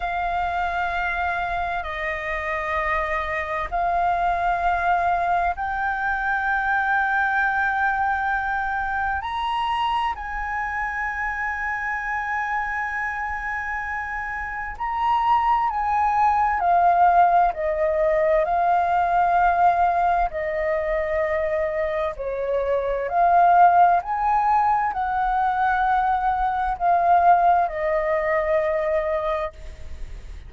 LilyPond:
\new Staff \with { instrumentName = "flute" } { \time 4/4 \tempo 4 = 65 f''2 dis''2 | f''2 g''2~ | g''2 ais''4 gis''4~ | gis''1 |
ais''4 gis''4 f''4 dis''4 | f''2 dis''2 | cis''4 f''4 gis''4 fis''4~ | fis''4 f''4 dis''2 | }